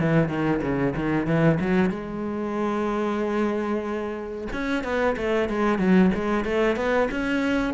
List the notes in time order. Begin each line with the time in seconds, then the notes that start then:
0.00 E3
0.29 D#3
0.62 C#3
0.96 D#3
1.27 E3
1.60 F#3
1.90 G#3
4.53 C#4
4.84 B3
5.17 A3
5.49 G#3
5.79 F#3
6.15 G#3
6.45 A3
6.77 B3
7.11 C#4